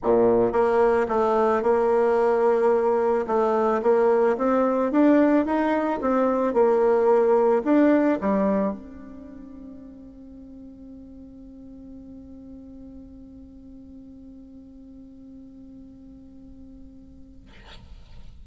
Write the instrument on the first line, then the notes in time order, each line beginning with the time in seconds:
bassoon
0.03 A#2
0.52 A#3
1.08 A3
1.62 A#3
3.27 A3
3.82 A#3
4.37 C4
4.91 D4
5.45 D#4
6.01 C4
6.53 A#3
7.64 D4
8.20 G3
8.72 C4